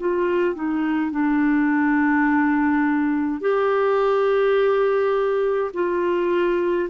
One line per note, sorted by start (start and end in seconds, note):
0.00 0.55 F4
0.55 1.11 D#4
1.11 3.40 D4
3.40 5.71 G4
5.74 6.89 F4